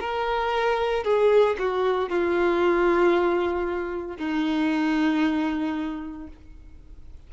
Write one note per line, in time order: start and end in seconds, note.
0.00 1.04 A#4
1.04 1.56 G#4
1.58 2.09 F#4
2.09 4.17 F4
4.17 6.27 D#4